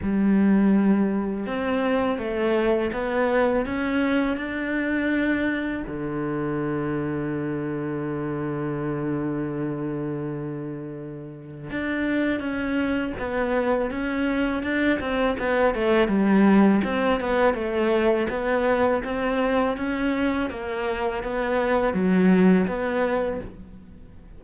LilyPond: \new Staff \with { instrumentName = "cello" } { \time 4/4 \tempo 4 = 82 g2 c'4 a4 | b4 cis'4 d'2 | d1~ | d1 |
d'4 cis'4 b4 cis'4 | d'8 c'8 b8 a8 g4 c'8 b8 | a4 b4 c'4 cis'4 | ais4 b4 fis4 b4 | }